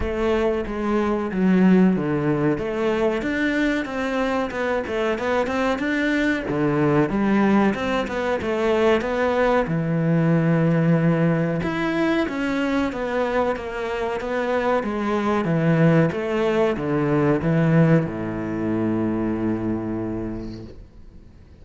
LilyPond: \new Staff \with { instrumentName = "cello" } { \time 4/4 \tempo 4 = 93 a4 gis4 fis4 d4 | a4 d'4 c'4 b8 a8 | b8 c'8 d'4 d4 g4 | c'8 b8 a4 b4 e4~ |
e2 e'4 cis'4 | b4 ais4 b4 gis4 | e4 a4 d4 e4 | a,1 | }